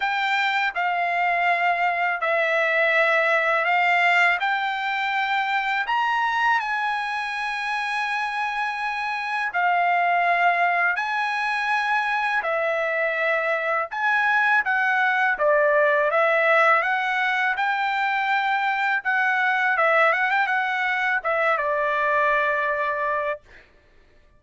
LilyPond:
\new Staff \with { instrumentName = "trumpet" } { \time 4/4 \tempo 4 = 82 g''4 f''2 e''4~ | e''4 f''4 g''2 | ais''4 gis''2.~ | gis''4 f''2 gis''4~ |
gis''4 e''2 gis''4 | fis''4 d''4 e''4 fis''4 | g''2 fis''4 e''8 fis''16 g''16 | fis''4 e''8 d''2~ d''8 | }